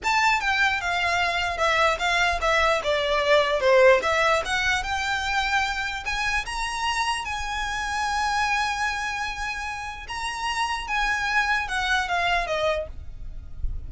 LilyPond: \new Staff \with { instrumentName = "violin" } { \time 4/4 \tempo 4 = 149 a''4 g''4 f''2 | e''4 f''4 e''4 d''4~ | d''4 c''4 e''4 fis''4 | g''2. gis''4 |
ais''2 gis''2~ | gis''1~ | gis''4 ais''2 gis''4~ | gis''4 fis''4 f''4 dis''4 | }